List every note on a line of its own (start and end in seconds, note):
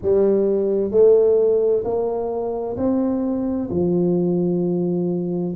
0.02 0.91 G3
0.91 1.83 A3
1.84 2.76 A#3
2.77 3.69 C4
3.70 5.55 F3